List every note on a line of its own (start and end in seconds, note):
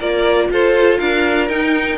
0.00 0.50 A#3
0.00 1.50 F4
0.00 0.50 A#4
0.00 0.50 D5
0.50 1.00 F4
0.50 1.00 A4
0.50 0.99 C5
0.99 1.49 D4
0.99 1.98 A#4
0.99 1.49 F5
1.49 1.98 D#4
1.49 1.98 G5